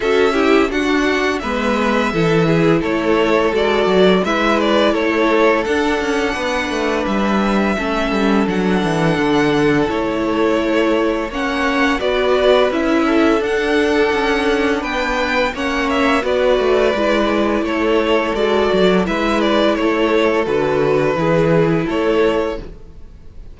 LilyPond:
<<
  \new Staff \with { instrumentName = "violin" } { \time 4/4 \tempo 4 = 85 e''4 fis''4 e''2 | cis''4 d''4 e''8 d''8 cis''4 | fis''2 e''2 | fis''2 cis''2 |
fis''4 d''4 e''4 fis''4~ | fis''4 g''4 fis''8 e''8 d''4~ | d''4 cis''4 d''4 e''8 d''8 | cis''4 b'2 cis''4 | }
  \new Staff \with { instrumentName = "violin" } { \time 4/4 a'8 g'8 fis'4 b'4 a'8 gis'8 | a'2 b'4 a'4~ | a'4 b'2 a'4~ | a'1 |
cis''4 b'4. a'4.~ | a'4 b'4 cis''4 b'4~ | b'4 a'2 b'4 | a'2 gis'4 a'4 | }
  \new Staff \with { instrumentName = "viola" } { \time 4/4 fis'8 e'8 d'4 b4 e'4~ | e'4 fis'4 e'2 | d'2. cis'4 | d'2 e'2 |
cis'4 fis'4 e'4 d'4~ | d'2 cis'4 fis'4 | e'2 fis'4 e'4~ | e'4 fis'4 e'2 | }
  \new Staff \with { instrumentName = "cello" } { \time 4/4 cis'4 d'4 gis4 e4 | a4 gis8 fis8 gis4 a4 | d'8 cis'8 b8 a8 g4 a8 g8 | fis8 e8 d4 a2 |
ais4 b4 cis'4 d'4 | cis'4 b4 ais4 b8 a8 | gis4 a4 gis8 fis8 gis4 | a4 d4 e4 a4 | }
>>